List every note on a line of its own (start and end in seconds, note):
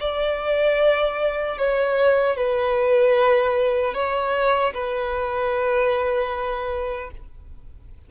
0.00 1.58 D5
1.58 2.36 C#5
2.36 3.94 B4
3.94 4.73 C#5
4.74 7.11 B4